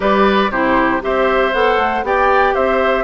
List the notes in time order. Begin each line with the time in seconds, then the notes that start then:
0.00 G3 G4 B4 D5
0.50 C3 E4 G4 C5
1.01 C4 G4 C5 E5
1.53 B3 A4 F#5
1.77 A3
2.03 B3 G4 D5 G5
2.54 C4 C5 E5